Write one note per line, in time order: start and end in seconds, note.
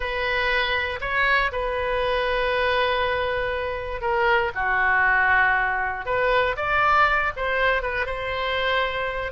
0.00 0.99 B4
1.00 1.51 C#5
1.51 4.01 B4
4.01 4.51 A#4
4.54 6.05 F#4
6.05 6.56 B4
6.56 7.32 D5
7.36 7.82 C5
7.82 8.06 B4
8.06 9.32 C5